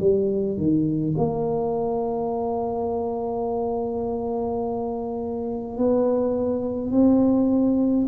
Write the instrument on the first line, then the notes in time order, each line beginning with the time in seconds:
tuba
0.00 G3
0.58 D#3
1.17 A#3
5.78 B3
6.91 C4